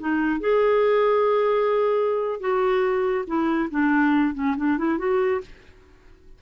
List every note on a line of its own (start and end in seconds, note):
0.00 0.40 D#4
0.40 2.40 G#4
2.40 3.25 F#4
3.27 3.70 E4
3.71 4.34 D4
4.34 4.56 C#4
4.57 4.78 D4
4.78 4.98 E4
4.98 5.41 F#4